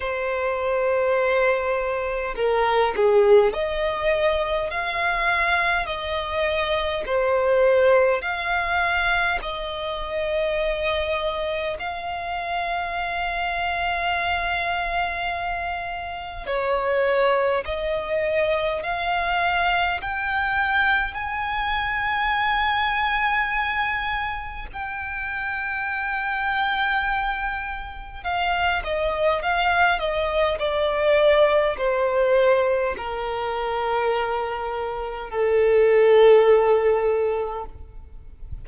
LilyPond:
\new Staff \with { instrumentName = "violin" } { \time 4/4 \tempo 4 = 51 c''2 ais'8 gis'8 dis''4 | f''4 dis''4 c''4 f''4 | dis''2 f''2~ | f''2 cis''4 dis''4 |
f''4 g''4 gis''2~ | gis''4 g''2. | f''8 dis''8 f''8 dis''8 d''4 c''4 | ais'2 a'2 | }